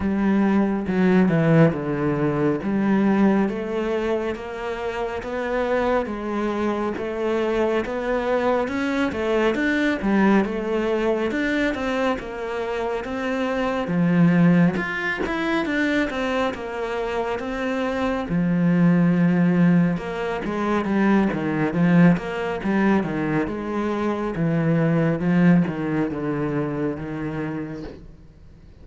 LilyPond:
\new Staff \with { instrumentName = "cello" } { \time 4/4 \tempo 4 = 69 g4 fis8 e8 d4 g4 | a4 ais4 b4 gis4 | a4 b4 cis'8 a8 d'8 g8 | a4 d'8 c'8 ais4 c'4 |
f4 f'8 e'8 d'8 c'8 ais4 | c'4 f2 ais8 gis8 | g8 dis8 f8 ais8 g8 dis8 gis4 | e4 f8 dis8 d4 dis4 | }